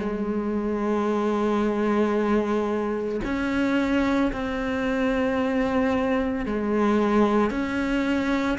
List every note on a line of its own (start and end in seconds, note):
0.00 3.21 G#3
3.25 4.32 C#4
4.33 6.46 C4
6.46 7.51 G#3
7.51 8.58 C#4